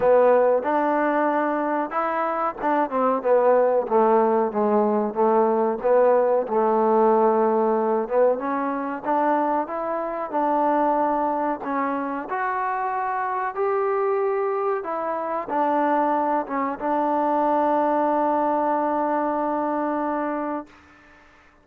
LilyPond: \new Staff \with { instrumentName = "trombone" } { \time 4/4 \tempo 4 = 93 b4 d'2 e'4 | d'8 c'8 b4 a4 gis4 | a4 b4 a2~ | a8 b8 cis'4 d'4 e'4 |
d'2 cis'4 fis'4~ | fis'4 g'2 e'4 | d'4. cis'8 d'2~ | d'1 | }